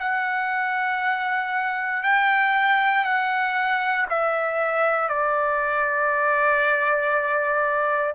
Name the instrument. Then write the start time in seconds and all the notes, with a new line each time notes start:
trumpet
0.00 F#5
2.03 G5
3.05 F#5
4.10 E5
5.09 D5